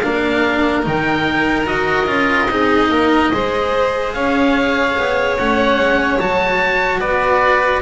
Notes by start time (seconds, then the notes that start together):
0.00 A#3 D4 A#4 F5
0.83 D#3 D#4 G5
1.66 D#4 F#4 D#5
2.07 C#4 F4
2.50 C4 D#4 G#4
2.90 A#3 A#4
3.33 G#3 G#4 C5
4.13 C#4 C#5 F5
4.98 B3
5.39 A3 C#4 F#5
5.77 G#3
6.19 F#3 F#4 A5
7.00 B3 B4 D5